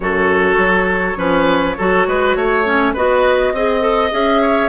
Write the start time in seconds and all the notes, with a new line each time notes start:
0.00 F#2 F#4 A4 C#5
0.57 F#3
1.16 F3 C#4 B4
1.77 F#3 F#4 A4
2.07 G#3 B4
2.35 A3 C#5
2.65 C#4
2.93 B3 F#4 B4 D#5
3.52 C4 G#4 D#5
3.80 A4
4.10 C#4 G#4 E5
4.41 C#5